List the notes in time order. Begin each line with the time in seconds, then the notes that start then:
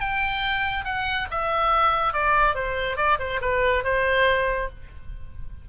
0.00 G5
0.85 F#5
1.31 E5
2.13 D5
2.55 C5
2.97 D5
3.19 C5
3.41 B4
3.84 C5